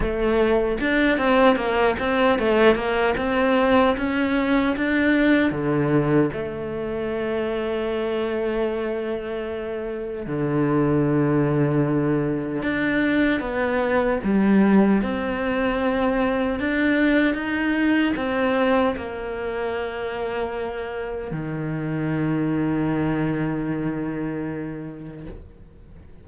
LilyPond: \new Staff \with { instrumentName = "cello" } { \time 4/4 \tempo 4 = 76 a4 d'8 c'8 ais8 c'8 a8 ais8 | c'4 cis'4 d'4 d4 | a1~ | a4 d2. |
d'4 b4 g4 c'4~ | c'4 d'4 dis'4 c'4 | ais2. dis4~ | dis1 | }